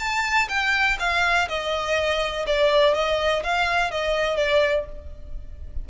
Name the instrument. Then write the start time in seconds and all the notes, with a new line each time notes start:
violin
0.00 A5
0.49 G5
1.00 F5
1.49 D#5
2.47 D5
2.95 D#5
3.44 F5
3.92 D#5
4.37 D5